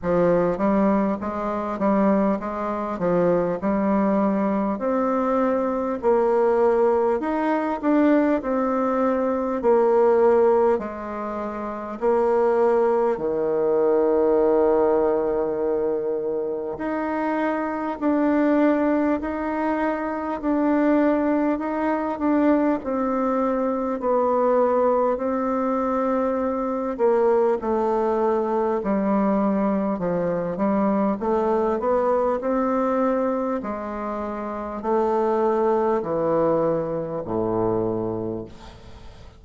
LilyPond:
\new Staff \with { instrumentName = "bassoon" } { \time 4/4 \tempo 4 = 50 f8 g8 gis8 g8 gis8 f8 g4 | c'4 ais4 dis'8 d'8 c'4 | ais4 gis4 ais4 dis4~ | dis2 dis'4 d'4 |
dis'4 d'4 dis'8 d'8 c'4 | b4 c'4. ais8 a4 | g4 f8 g8 a8 b8 c'4 | gis4 a4 e4 a,4 | }